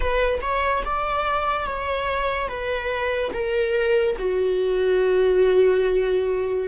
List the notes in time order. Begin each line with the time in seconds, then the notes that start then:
0.00 B4
0.41 C#5
0.85 D5
1.67 C#5
2.48 B4
3.33 A#4
4.18 F#4